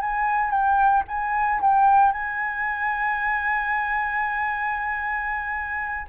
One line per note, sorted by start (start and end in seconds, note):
0.00 0.50 G#5
0.50 1.03 G5
1.07 1.60 G#5
1.61 2.12 G5
2.12 6.06 G#5